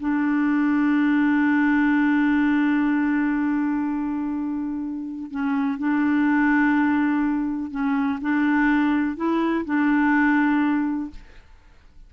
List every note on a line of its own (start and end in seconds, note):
0.00 5.31 D4
5.31 5.78 C#4
5.78 7.71 D4
7.71 8.19 C#4
8.21 9.16 D4
9.16 9.65 E4
9.66 11.11 D4